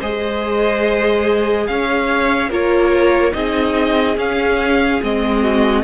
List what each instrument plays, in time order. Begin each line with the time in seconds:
0.00 cello G#3, viola G#4, violin C5 D#5
1.67 cello C#4, violin C#5 F5
2.50 cello A#3, viola F4, violin A#4 C#5
3.32 cello C4, viola D#4, violin G#4 D#5
4.17 cello C#4, viola C#4, violin F5
5.03 cello G#3, viola C4, violin D#5
5.42 violin F#4